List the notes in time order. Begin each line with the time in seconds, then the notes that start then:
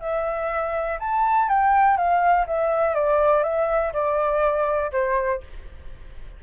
0.00 E5
0.99 A5
1.48 G5
1.97 F5
2.46 E5
2.94 D5
3.43 E5
3.93 D5
4.92 C5